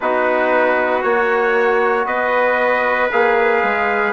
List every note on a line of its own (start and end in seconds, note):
0.00 1.03 B3
0.00 1.03 D#4
0.00 2.06 F#4
0.00 1.02 B4
1.02 2.05 A#3
1.02 3.09 F#4
1.02 2.05 C#5
2.05 3.09 B3
2.05 4.12 B4
2.05 3.09 D#5
3.11 3.63 A#3
3.11 4.12 G#4
3.11 4.12 F5
3.63 4.12 G#3